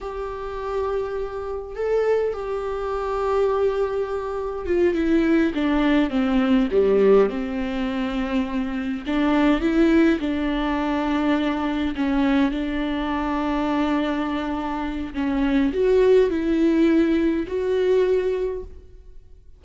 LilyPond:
\new Staff \with { instrumentName = "viola" } { \time 4/4 \tempo 4 = 103 g'2. a'4 | g'1 | f'8 e'4 d'4 c'4 g8~ | g8 c'2. d'8~ |
d'8 e'4 d'2~ d'8~ | d'8 cis'4 d'2~ d'8~ | d'2 cis'4 fis'4 | e'2 fis'2 | }